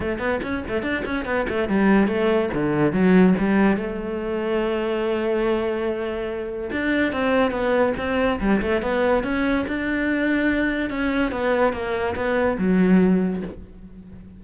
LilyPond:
\new Staff \with { instrumentName = "cello" } { \time 4/4 \tempo 4 = 143 a8 b8 cis'8 a8 d'8 cis'8 b8 a8 | g4 a4 d4 fis4 | g4 a2.~ | a1 |
d'4 c'4 b4 c'4 | g8 a8 b4 cis'4 d'4~ | d'2 cis'4 b4 | ais4 b4 fis2 | }